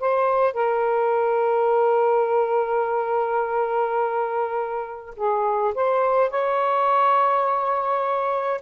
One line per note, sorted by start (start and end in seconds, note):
0.00 0.54 C5
0.54 5.15 A#4
5.17 5.74 G#4
5.75 6.30 C5
6.30 8.61 C#5